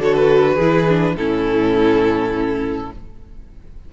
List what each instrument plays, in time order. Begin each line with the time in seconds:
0.00 cello D3, viola F#4, violin A4 C#5
0.14 violin B4
0.55 cello E3, viola E4, violin G#4
0.88 viola D4
1.15 cello A2, viola C#4, violin E4 A4